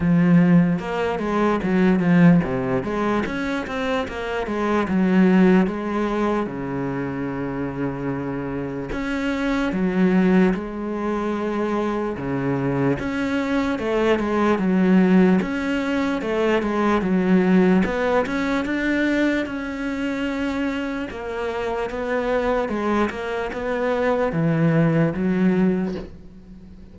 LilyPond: \new Staff \with { instrumentName = "cello" } { \time 4/4 \tempo 4 = 74 f4 ais8 gis8 fis8 f8 c8 gis8 | cis'8 c'8 ais8 gis8 fis4 gis4 | cis2. cis'4 | fis4 gis2 cis4 |
cis'4 a8 gis8 fis4 cis'4 | a8 gis8 fis4 b8 cis'8 d'4 | cis'2 ais4 b4 | gis8 ais8 b4 e4 fis4 | }